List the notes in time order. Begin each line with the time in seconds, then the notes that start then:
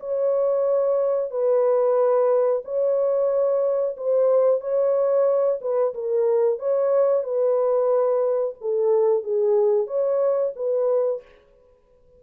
0.00 C#5
1.31 B4
2.65 C#5
3.97 C5
4.61 C#5
5.61 B4
5.95 A#4
6.59 C#5
7.23 B4
8.61 A4
9.24 G#4
9.87 C#5
10.56 B4